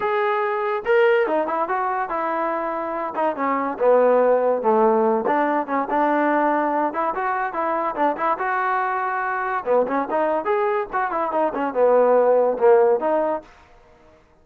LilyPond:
\new Staff \with { instrumentName = "trombone" } { \time 4/4 \tempo 4 = 143 gis'2 ais'4 dis'8 e'8 | fis'4 e'2~ e'8 dis'8 | cis'4 b2 a4~ | a8 d'4 cis'8 d'2~ |
d'8 e'8 fis'4 e'4 d'8 e'8 | fis'2. b8 cis'8 | dis'4 gis'4 fis'8 e'8 dis'8 cis'8 | b2 ais4 dis'4 | }